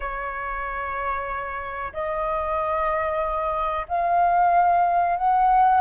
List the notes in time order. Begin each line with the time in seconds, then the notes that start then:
0.00 C#5
1.93 D#5
3.88 F5
5.16 F#5